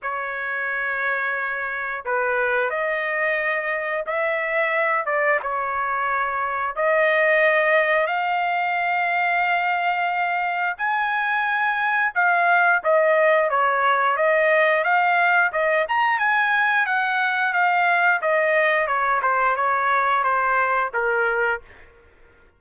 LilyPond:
\new Staff \with { instrumentName = "trumpet" } { \time 4/4 \tempo 4 = 89 cis''2. b'4 | dis''2 e''4. d''8 | cis''2 dis''2 | f''1 |
gis''2 f''4 dis''4 | cis''4 dis''4 f''4 dis''8 ais''8 | gis''4 fis''4 f''4 dis''4 | cis''8 c''8 cis''4 c''4 ais'4 | }